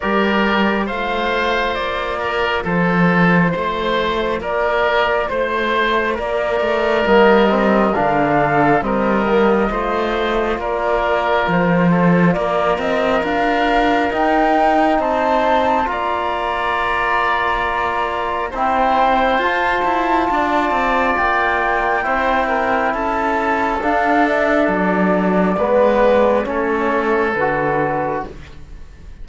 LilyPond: <<
  \new Staff \with { instrumentName = "flute" } { \time 4/4 \tempo 4 = 68 d''4 f''4 d''4 c''4~ | c''4 d''4 c''4 d''4 | dis''4 f''4 dis''2 | d''4 c''4 d''8 dis''8 f''4 |
g''4 a''4 ais''2~ | ais''4 g''4 a''2 | g''2 a''4 f''8 e''8 | d''2 cis''4 b'4 | }
  \new Staff \with { instrumentName = "oboe" } { \time 4/4 ais'4 c''4. ais'8 a'4 | c''4 ais'4 c''4 ais'4~ | ais'4. a'8 ais'4 c''4 | ais'4. a'8 ais'2~ |
ais'4 c''4 d''2~ | d''4 c''2 d''4~ | d''4 c''8 ais'8 a'2~ | a'4 b'4 a'2 | }
  \new Staff \with { instrumentName = "trombone" } { \time 4/4 g'4 f'2.~ | f'1 | ais8 c'8 d'4 c'8 ais8 f'4~ | f'1 |
dis'2 f'2~ | f'4 e'4 f'2~ | f'4 e'2 d'4~ | d'4 b4 cis'4 fis'4 | }
  \new Staff \with { instrumentName = "cello" } { \time 4/4 g4 a4 ais4 f4 | a4 ais4 a4 ais8 a8 | g4 d4 g4 a4 | ais4 f4 ais8 c'8 d'4 |
dis'4 c'4 ais2~ | ais4 c'4 f'8 e'8 d'8 c'8 | ais4 c'4 cis'4 d'4 | fis4 gis4 a4 d4 | }
>>